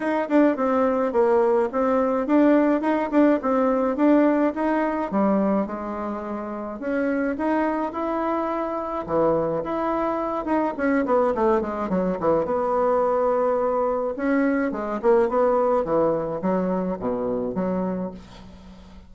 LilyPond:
\new Staff \with { instrumentName = "bassoon" } { \time 4/4 \tempo 4 = 106 dis'8 d'8 c'4 ais4 c'4 | d'4 dis'8 d'8 c'4 d'4 | dis'4 g4 gis2 | cis'4 dis'4 e'2 |
e4 e'4. dis'8 cis'8 b8 | a8 gis8 fis8 e8 b2~ | b4 cis'4 gis8 ais8 b4 | e4 fis4 b,4 fis4 | }